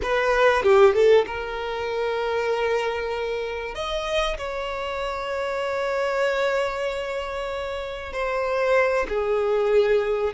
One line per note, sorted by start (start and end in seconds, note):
0.02 0.62 B4
0.62 0.93 G4
0.94 1.25 A4
1.26 3.74 A#4
3.74 4.37 D#5
4.37 8.12 C#5
8.12 9.06 C5
9.08 10.33 G#4